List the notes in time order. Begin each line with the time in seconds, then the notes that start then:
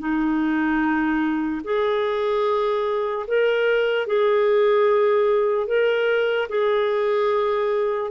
0.00 D#4
1.64 G#4
3.28 A#4
4.08 G#4
5.68 A#4
6.49 G#4